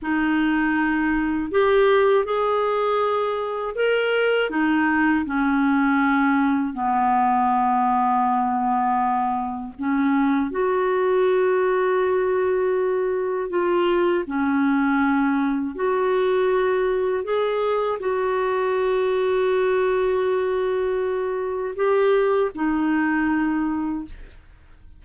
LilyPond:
\new Staff \with { instrumentName = "clarinet" } { \time 4/4 \tempo 4 = 80 dis'2 g'4 gis'4~ | gis'4 ais'4 dis'4 cis'4~ | cis'4 b2.~ | b4 cis'4 fis'2~ |
fis'2 f'4 cis'4~ | cis'4 fis'2 gis'4 | fis'1~ | fis'4 g'4 dis'2 | }